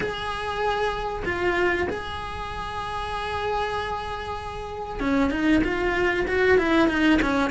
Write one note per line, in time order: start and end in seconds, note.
0.00 1.23 G#4
1.25 1.87 F4
1.89 5.00 G#4
5.00 5.30 C#4
5.30 5.61 D#4
5.63 6.26 F4
6.27 6.58 F#4
6.58 6.88 E4
6.88 7.19 D#4
7.22 7.50 C#4